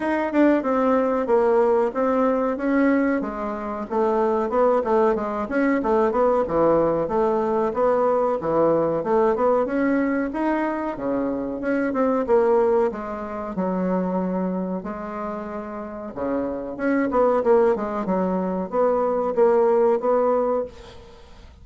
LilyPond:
\new Staff \with { instrumentName = "bassoon" } { \time 4/4 \tempo 4 = 93 dis'8 d'8 c'4 ais4 c'4 | cis'4 gis4 a4 b8 a8 | gis8 cis'8 a8 b8 e4 a4 | b4 e4 a8 b8 cis'4 |
dis'4 cis4 cis'8 c'8 ais4 | gis4 fis2 gis4~ | gis4 cis4 cis'8 b8 ais8 gis8 | fis4 b4 ais4 b4 | }